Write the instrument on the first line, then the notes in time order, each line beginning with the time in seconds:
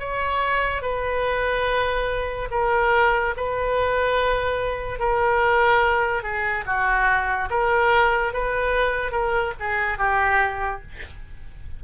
oboe
0.00 C#5
0.82 B4
2.51 A#4
3.37 B4
5.00 A#4
6.23 G#4
6.66 F#4
7.50 A#4
8.33 B4
9.12 A#4
9.60 G#4
9.98 G4